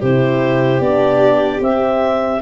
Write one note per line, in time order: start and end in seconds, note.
0.00 0.80 C3
0.00 0.83 E4
0.00 2.40 G4
0.00 0.81 C5
0.80 1.60 B3
0.80 1.61 D4
0.80 1.61 D5
1.60 2.40 C4
1.60 2.41 C4
1.60 2.43 E5